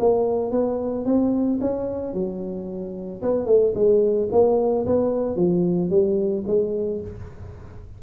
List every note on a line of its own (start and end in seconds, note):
0.00 0.52 A#3
0.52 1.05 B3
1.05 1.59 C4
1.61 2.14 C#4
2.14 3.22 F#3
3.22 3.46 B3
3.46 3.73 A3
3.75 4.29 G#3
4.32 4.86 A#3
4.86 5.36 B3
5.36 5.90 F3
5.90 6.44 G3
6.47 7.01 G#3